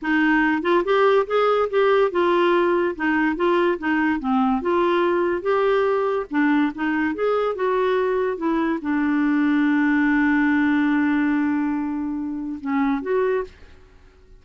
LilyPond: \new Staff \with { instrumentName = "clarinet" } { \time 4/4 \tempo 4 = 143 dis'4. f'8 g'4 gis'4 | g'4 f'2 dis'4 | f'4 dis'4 c'4 f'4~ | f'4 g'2 d'4 |
dis'4 gis'4 fis'2 | e'4 d'2.~ | d'1~ | d'2 cis'4 fis'4 | }